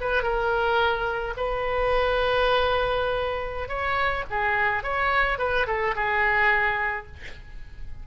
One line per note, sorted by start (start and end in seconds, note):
0.00 0.22 B4
0.22 1.34 A#4
1.36 3.68 B4
3.68 4.24 C#5
4.30 4.83 G#4
4.83 5.38 C#5
5.38 5.66 B4
5.66 5.94 A4
5.95 7.06 G#4